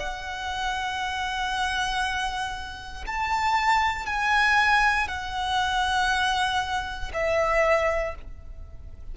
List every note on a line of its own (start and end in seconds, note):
0.00 3.05 F#5
3.07 4.06 A5
4.06 5.08 G#5
5.08 7.12 F#5
7.14 8.15 E5